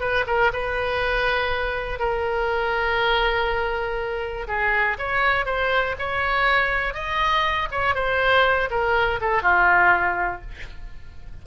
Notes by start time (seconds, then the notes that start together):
0.00 B4
0.27 A#4
0.53 B4
1.99 A#4
4.48 G#4
4.99 C#5
5.46 C5
5.99 C#5
6.94 D#5
7.71 C#5
7.95 C5
8.70 A#4
9.21 A4
9.42 F4